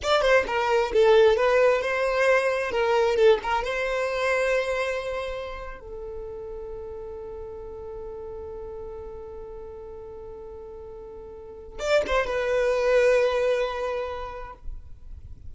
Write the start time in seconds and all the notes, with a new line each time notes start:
0.02 D5
0.21 C5
0.46 A#4
0.93 A4
1.36 B4
1.81 C5
2.71 A#4
3.16 A4
3.42 A#4
3.64 C5
5.80 A4
11.79 D5
12.06 C5
12.26 B4